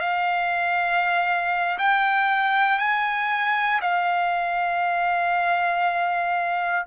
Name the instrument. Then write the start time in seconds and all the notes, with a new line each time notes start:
trumpet
0.00 F5
1.78 G5
2.79 G#5
3.81 F5